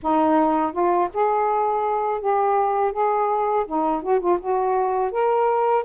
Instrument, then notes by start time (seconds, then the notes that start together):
saxophone
0.02 D#4
0.72 F4
1.13 G#4
2.20 G4
2.92 G#4
3.66 D#4
4.02 F#4
4.19 F4
4.40 F#4
5.11 A#4